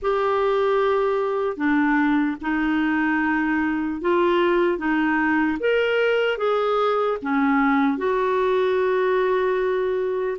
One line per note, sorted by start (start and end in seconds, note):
0.02 1.56 G4
1.56 2.36 D4
2.41 4.01 D#4
4.01 4.77 F4
4.77 5.57 D#4
5.59 6.37 A#4
6.37 7.17 G#4
7.21 7.97 C#4
7.97 10.37 F#4